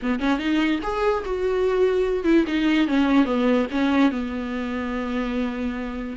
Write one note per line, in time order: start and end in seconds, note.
0.02 0.19 B3
0.19 0.38 C#4
0.38 0.79 D#4
0.83 1.24 G#4
1.25 2.24 F#4
2.24 2.44 E4
2.47 2.87 D#4
2.87 3.25 C#4
3.25 3.66 B3
3.71 4.11 C#4
4.11 6.16 B3